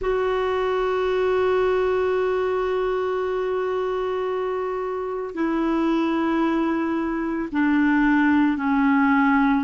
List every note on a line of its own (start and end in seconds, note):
0.01 5.34 F#4
5.34 7.49 E4
7.51 8.57 D4
8.57 9.64 C#4